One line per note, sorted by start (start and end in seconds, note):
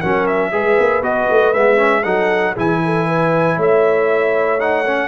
0.00 0.53 F#3
0.00 0.52 C#4
0.00 0.51 A#4
0.00 0.26 F#5
0.27 1.03 E5
0.51 0.78 G#3
0.51 1.03 G#4
0.51 2.03 B4
0.79 1.02 A#3
1.02 1.27 B3
1.02 1.54 F#4
1.02 1.53 D#5
1.30 1.54 A3
1.53 2.05 G#3
1.53 1.77 B3
1.53 2.03 E5
1.77 2.02 C#4
2.03 2.56 F#3
2.03 2.56 D#4
2.03 2.53 A4
2.03 2.54 F#5
2.53 3.57 E3
2.53 4.59 E4
2.53 2.79 G#4
2.53 3.60 G#5
2.85 3.08 A4
3.08 3.56 B4
3.56 5.08 A3
3.56 5.08 C#5
3.56 4.60 E5
4.59 4.85 D#4
4.59 5.08 F#5
4.86 5.08 C#4